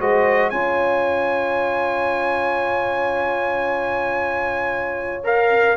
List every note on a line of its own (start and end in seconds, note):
0.00 0.52 G#3
0.00 0.53 F#4
0.00 0.52 C5
0.00 0.50 D#5
0.50 5.77 C#4
0.50 5.24 F4
0.50 5.77 C#5
0.50 5.24 G#5
5.24 5.77 A#4
5.24 5.77 F5